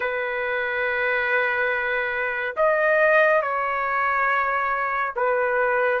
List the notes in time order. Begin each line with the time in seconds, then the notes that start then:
0.00 B4
2.56 D#5
3.42 C#5
5.15 B4